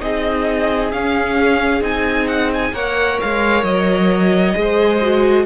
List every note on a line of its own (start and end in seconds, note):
0.00 0.93 C4
0.00 0.91 D#4
0.00 2.73 G#4
0.00 0.92 D#5
0.92 1.82 C#4
0.92 1.83 F5
1.82 2.73 C4
1.82 2.73 D#4
1.82 2.28 G#5
2.28 2.51 F#5
2.54 2.75 G#5
2.73 3.19 A#3
2.73 4.54 A#4
2.73 4.55 C#5
2.73 3.20 F#5
3.21 3.64 G#3
3.21 3.64 F5
3.64 4.55 F#3
3.64 5.46 D#5
4.54 5.46 G#3
4.54 5.00 G#4
4.61 5.46 C5
5.02 5.46 F#4